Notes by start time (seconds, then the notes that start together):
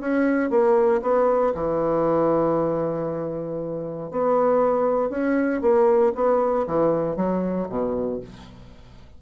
0.00 C#4
0.50 A#3
1.02 B3
1.54 E3
4.11 B3
5.10 C#4
5.61 A#3
6.15 B3
6.67 E3
7.16 F#3
7.69 B2